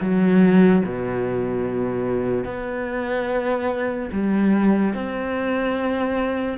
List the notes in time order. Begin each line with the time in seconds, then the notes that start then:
0.00 F#3
0.84 B2
2.44 B3
4.12 G3
4.94 C4